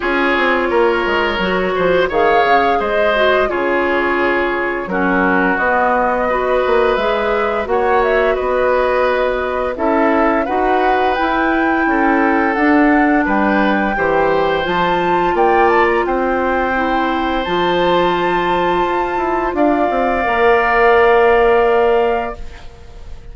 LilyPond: <<
  \new Staff \with { instrumentName = "flute" } { \time 4/4 \tempo 4 = 86 cis''2. f''4 | dis''4 cis''2 ais'4 | dis''2 e''4 fis''8 e''8 | dis''2 e''4 fis''4 |
g''2 fis''4 g''4~ | g''4 a''4 g''8 a''16 ais''16 g''4~ | g''4 a''2. | f''1 | }
  \new Staff \with { instrumentName = "oboe" } { \time 4/4 gis'4 ais'4. c''8 cis''4 | c''4 gis'2 fis'4~ | fis'4 b'2 cis''4 | b'2 a'4 b'4~ |
b'4 a'2 b'4 | c''2 d''4 c''4~ | c''1 | d''1 | }
  \new Staff \with { instrumentName = "clarinet" } { \time 4/4 f'2 fis'4 gis'4~ | gis'8 fis'8 f'2 cis'4 | b4 fis'4 gis'4 fis'4~ | fis'2 e'4 fis'4 |
e'2 d'2 | g'4 f'2. | e'4 f'2.~ | f'4 ais'2. | }
  \new Staff \with { instrumentName = "bassoon" } { \time 4/4 cis'8 c'8 ais8 gis8 fis8 f8 dis8 cis8 | gis4 cis2 fis4 | b4. ais8 gis4 ais4 | b2 cis'4 dis'4 |
e'4 cis'4 d'4 g4 | e4 f4 ais4 c'4~ | c'4 f2 f'8 e'8 | d'8 c'8 ais2. | }
>>